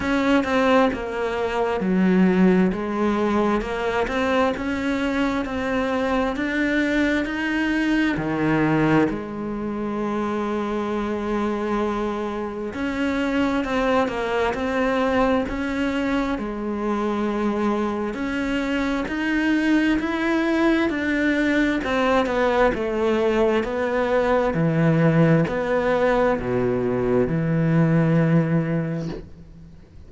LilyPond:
\new Staff \with { instrumentName = "cello" } { \time 4/4 \tempo 4 = 66 cis'8 c'8 ais4 fis4 gis4 | ais8 c'8 cis'4 c'4 d'4 | dis'4 dis4 gis2~ | gis2 cis'4 c'8 ais8 |
c'4 cis'4 gis2 | cis'4 dis'4 e'4 d'4 | c'8 b8 a4 b4 e4 | b4 b,4 e2 | }